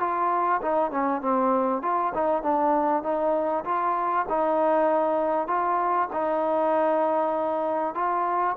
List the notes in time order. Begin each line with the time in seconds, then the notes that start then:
0.00 F4
0.62 D#4
0.91 C#4
1.22 C4
1.83 F4
2.15 D#4
2.43 D4
3.03 D#4
3.65 F4
4.29 D#4
5.48 F4
6.13 D#4
7.95 F4